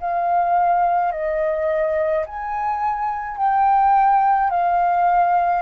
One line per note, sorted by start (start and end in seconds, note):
0.00 1.12 F5
1.12 2.25 D#5
2.26 3.37 G#5
3.37 4.50 G5
4.50 5.62 F5